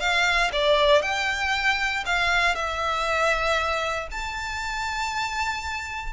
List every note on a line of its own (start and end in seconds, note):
0.00 0.51 F5
0.52 1.02 D5
1.02 2.04 G5
2.06 2.55 F5
2.55 4.08 E5
4.11 6.13 A5